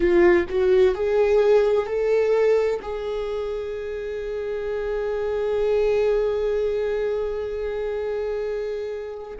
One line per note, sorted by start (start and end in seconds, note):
0.00 0.45 F4
0.49 0.95 F#4
0.95 1.86 G#4
1.86 2.80 A4
2.82 9.38 G#4